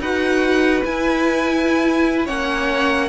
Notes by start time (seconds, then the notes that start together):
0.00 D#4 F#4 B4 F#5
0.84 E4 G#5
2.25 A#3 C#4 C#5 F#5